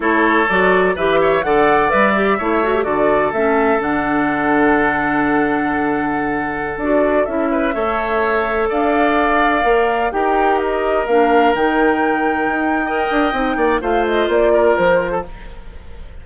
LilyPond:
<<
  \new Staff \with { instrumentName = "flute" } { \time 4/4 \tempo 4 = 126 cis''4 d''4 e''4 fis''4 | e''2 d''4 e''4 | fis''1~ | fis''2~ fis''16 d''4 e''8.~ |
e''2~ e''16 f''4.~ f''16~ | f''4~ f''16 g''4 dis''4 f''8.~ | f''16 g''2.~ g''8.~ | g''4 f''8 dis''8 d''4 c''4 | }
  \new Staff \with { instrumentName = "oboe" } { \time 4/4 a'2 b'8 cis''8 d''4~ | d''4 cis''4 a'2~ | a'1~ | a'2.~ a'8. b'16~ |
b'16 cis''2 d''4.~ d''16~ | d''4~ d''16 ais'2~ ais'8.~ | ais'2. dis''4~ | dis''8 d''8 c''4. ais'4~ ais'16 a'16 | }
  \new Staff \with { instrumentName = "clarinet" } { \time 4/4 e'4 fis'4 g'4 a'4 | b'8 g'8 e'8 fis'16 g'16 fis'4 cis'4 | d'1~ | d'2~ d'16 fis'4 e'8.~ |
e'16 a'2.~ a'8.~ | a'16 ais'4 g'2 d'8.~ | d'16 dis'2~ dis'8. ais'4 | dis'4 f'2. | }
  \new Staff \with { instrumentName = "bassoon" } { \time 4/4 a4 fis4 e4 d4 | g4 a4 d4 a4 | d1~ | d2~ d16 d'4 cis'8.~ |
cis'16 a2 d'4.~ d'16~ | d'16 ais4 dis'2 ais8.~ | ais16 dis2 dis'4~ dis'16 d'8 | c'8 ais8 a4 ais4 f4 | }
>>